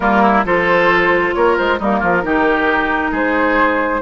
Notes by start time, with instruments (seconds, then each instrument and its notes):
0.00 bassoon G3, clarinet A#3, oboe F4, flute A#4
0.22 oboe E4
0.44 bassoon F3, clarinet F4, oboe A4, flute C5
1.34 bassoon A#3, oboe A#4, flute C#5
1.57 bassoon G#3, flute C5
1.79 bassoon G3, clarinet A#3, oboe D#4, flute A#4
1.99 bassoon F3, oboe F4
2.23 bassoon D#3, clarinet D#4, oboe G4
3.11 bassoon G#3, oboe G#4, flute C5